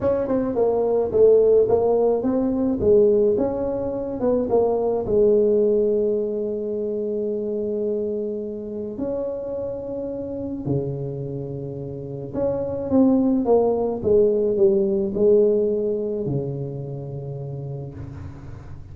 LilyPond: \new Staff \with { instrumentName = "tuba" } { \time 4/4 \tempo 4 = 107 cis'8 c'8 ais4 a4 ais4 | c'4 gis4 cis'4. b8 | ais4 gis2.~ | gis1 |
cis'2. cis4~ | cis2 cis'4 c'4 | ais4 gis4 g4 gis4~ | gis4 cis2. | }